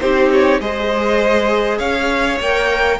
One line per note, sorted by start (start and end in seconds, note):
0.00 0.60 C4
0.00 0.61 D#4
0.00 0.62 G4
0.00 0.30 C5
0.33 0.61 C#5
0.60 1.80 G#3
0.60 2.41 G#4
0.60 1.79 C5
0.60 1.79 D#5
1.79 2.40 C#4
1.79 2.98 C#5
1.79 2.39 F5
2.40 3.00 A#3
2.40 3.00 A#4
2.40 3.00 G5